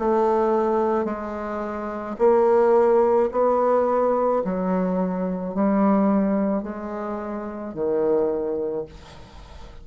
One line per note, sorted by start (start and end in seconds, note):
0.00 1.06 A3
1.06 2.17 G#3
2.19 3.30 A#3
3.32 4.43 B3
4.44 5.55 F#3
5.55 6.63 G3
6.63 7.74 G#3
7.75 8.86 D#3